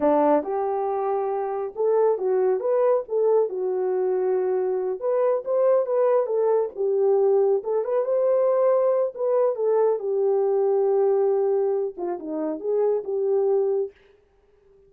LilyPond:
\new Staff \with { instrumentName = "horn" } { \time 4/4 \tempo 4 = 138 d'4 g'2. | a'4 fis'4 b'4 a'4 | fis'2.~ fis'8 b'8~ | b'8 c''4 b'4 a'4 g'8~ |
g'4. a'8 b'8 c''4.~ | c''4 b'4 a'4 g'4~ | g'2.~ g'8 f'8 | dis'4 gis'4 g'2 | }